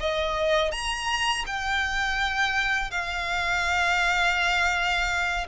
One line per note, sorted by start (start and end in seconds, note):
0.00 0.72 D#5
0.72 1.45 A#5
1.47 2.91 G5
2.91 5.47 F5